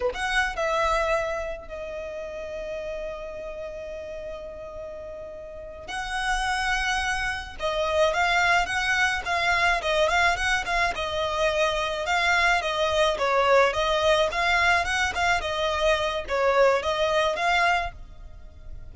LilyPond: \new Staff \with { instrumentName = "violin" } { \time 4/4 \tempo 4 = 107 b'16 fis''8. e''2 dis''4~ | dis''1~ | dis''2~ dis''8 fis''4.~ | fis''4. dis''4 f''4 fis''8~ |
fis''8 f''4 dis''8 f''8 fis''8 f''8 dis''8~ | dis''4. f''4 dis''4 cis''8~ | cis''8 dis''4 f''4 fis''8 f''8 dis''8~ | dis''4 cis''4 dis''4 f''4 | }